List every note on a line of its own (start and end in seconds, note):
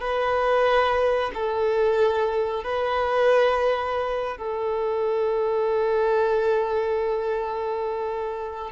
0.00 1.30 B4
1.34 2.64 A4
2.64 4.37 B4
4.37 8.71 A4